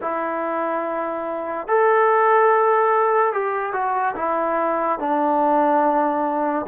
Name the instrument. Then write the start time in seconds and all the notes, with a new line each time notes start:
trombone
0.01 E4
1.67 A4
3.32 G4
3.73 F#4
4.15 E4
4.99 D4